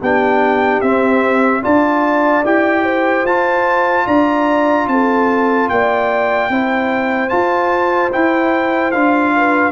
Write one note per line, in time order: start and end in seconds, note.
0.00 0.81 B3
0.00 0.83 D4
0.00 1.62 G4
0.00 0.81 G5
0.81 1.62 C4
0.81 1.62 E5
1.62 2.44 D4
1.62 2.43 F4
1.62 2.83 D5
1.62 2.45 A5
2.44 3.24 E4
2.44 3.26 G4
2.44 3.26 G5
2.83 4.05 C5
3.24 4.05 F4
3.24 6.51 F4
3.24 4.07 A5
4.06 4.87 D4
4.06 4.87 D5
4.06 4.88 A#5
4.87 5.68 C4
4.87 5.72 A4
4.87 5.69 A5
5.69 6.49 A#3
5.69 6.51 D5
5.69 7.29 G5
6.49 7.30 C4
6.49 7.29 E4
6.49 9.34 C5
7.29 8.10 F4
7.29 8.13 F4
7.29 8.10 A5
8.12 8.93 E4
8.12 8.94 E4
8.12 8.91 G5
8.91 9.71 D4
8.91 9.71 F4
8.91 9.71 F5
9.36 9.71 B4